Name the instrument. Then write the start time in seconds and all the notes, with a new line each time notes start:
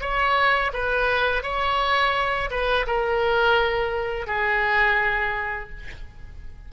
oboe
0.00 C#5
0.73 B4
1.43 C#5
2.50 B4
2.86 A#4
4.27 G#4